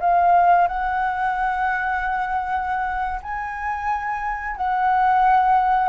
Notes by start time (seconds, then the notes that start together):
0.00 F5
0.67 F#5
3.22 G#5
4.56 F#5